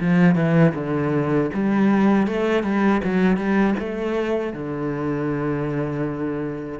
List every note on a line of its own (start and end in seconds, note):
0.00 0.35 F3
0.35 0.73 E3
0.74 1.50 D3
1.53 2.26 G3
2.26 2.63 A3
2.63 3.01 G3
3.03 3.36 F#3
3.36 3.74 G3
3.79 4.53 A3
4.53 6.79 D3